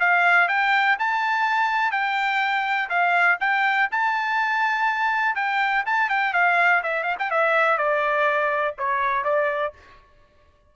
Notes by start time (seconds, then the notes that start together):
0.00 F5
0.49 G5
0.99 A5
1.92 G5
2.89 F5
3.40 G5
3.92 A5
5.35 G5
5.86 A5
6.10 G5
6.34 F5
6.83 E5
7.04 F5
7.19 G5
7.31 E5
7.78 D5
8.78 C#5
9.24 D5